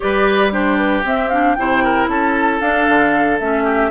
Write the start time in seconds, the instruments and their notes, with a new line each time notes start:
0.00 bassoon G3, clarinet G4, oboe B4, flute D5
0.51 clarinet D4, oboe G4, flute C5
0.76 flute B4
1.04 bassoon C4, clarinet C4, flute E5
1.29 clarinet D4, flute F5
1.54 bassoon C3, clarinet E4, oboe C5, flute G5
1.83 oboe A#4
2.07 bassoon C#4, oboe A4, flute A5
2.60 bassoon D4, clarinet D4, flute F5
2.88 bassoon D3
3.39 bassoon A3, clarinet C#4, flute E5
3.63 oboe G4